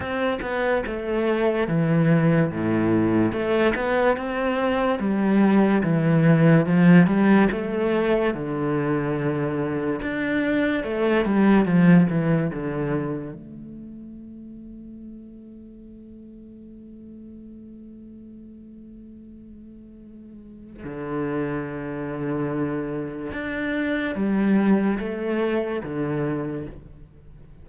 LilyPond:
\new Staff \with { instrumentName = "cello" } { \time 4/4 \tempo 4 = 72 c'8 b8 a4 e4 a,4 | a8 b8 c'4 g4 e4 | f8 g8 a4 d2 | d'4 a8 g8 f8 e8 d4 |
a1~ | a1~ | a4 d2. | d'4 g4 a4 d4 | }